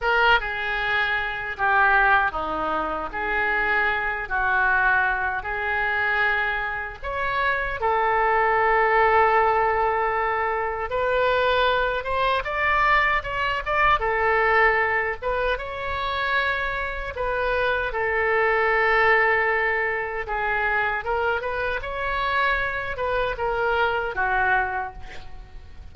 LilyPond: \new Staff \with { instrumentName = "oboe" } { \time 4/4 \tempo 4 = 77 ais'8 gis'4. g'4 dis'4 | gis'4. fis'4. gis'4~ | gis'4 cis''4 a'2~ | a'2 b'4. c''8 |
d''4 cis''8 d''8 a'4. b'8 | cis''2 b'4 a'4~ | a'2 gis'4 ais'8 b'8 | cis''4. b'8 ais'4 fis'4 | }